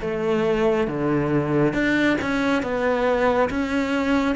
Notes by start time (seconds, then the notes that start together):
0.00 A3
0.87 D3
1.73 D4
2.21 C#4
2.62 B3
3.49 C#4